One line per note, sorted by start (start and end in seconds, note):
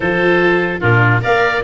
0.00 0.79 F3
0.00 0.81 F4
0.00 0.80 A4
0.00 0.80 C5
0.80 1.23 A#2
0.80 1.20 D4
0.80 1.21 F4
0.80 1.22 A#4
1.20 1.63 A#3
1.20 1.61 A#4
1.20 1.63 D5
1.20 1.63 F5